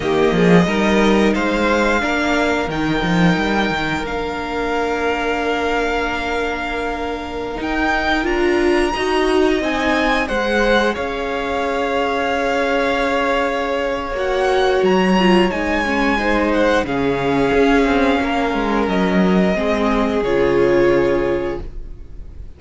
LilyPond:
<<
  \new Staff \with { instrumentName = "violin" } { \time 4/4 \tempo 4 = 89 dis''2 f''2 | g''2 f''2~ | f''2.~ f''16 g''8.~ | g''16 ais''2 gis''4 fis''8.~ |
fis''16 f''2.~ f''8.~ | f''4 fis''4 ais''4 gis''4~ | gis''8 fis''8 f''2. | dis''2 cis''2 | }
  \new Staff \with { instrumentName = "violin" } { \time 4/4 g'8 gis'8 ais'4 c''4 ais'4~ | ais'1~ | ais'1~ | ais'4~ ais'16 dis''2 c''8.~ |
c''16 cis''2.~ cis''8.~ | cis''1 | c''4 gis'2 ais'4~ | ais'4 gis'2. | }
  \new Staff \with { instrumentName = "viola" } { \time 4/4 ais4 dis'2 d'4 | dis'2 d'2~ | d'2.~ d'16 dis'8.~ | dis'16 f'4 fis'4 dis'4 gis'8.~ |
gis'1~ | gis'4 fis'4. f'8 dis'8 cis'8 | dis'4 cis'2.~ | cis'4 c'4 f'2 | }
  \new Staff \with { instrumentName = "cello" } { \time 4/4 dis8 f8 g4 gis4 ais4 | dis8 f8 g8 dis8 ais2~ | ais2.~ ais16 dis'8.~ | dis'16 d'4 dis'4 c'4 gis8.~ |
gis16 cis'2.~ cis'8.~ | cis'4 ais4 fis4 gis4~ | gis4 cis4 cis'8 c'8 ais8 gis8 | fis4 gis4 cis2 | }
>>